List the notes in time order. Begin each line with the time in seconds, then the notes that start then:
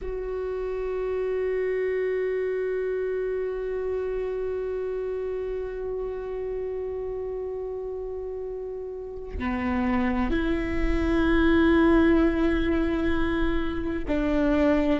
0.01 F#4
9.38 B3
10.30 E4
14.07 D4